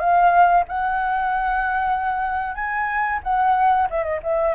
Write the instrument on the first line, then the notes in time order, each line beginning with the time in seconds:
flute
0.00 F5
0.69 F#5
2.55 G#5
3.24 F#5
3.90 E5
4.04 D#5
4.23 E5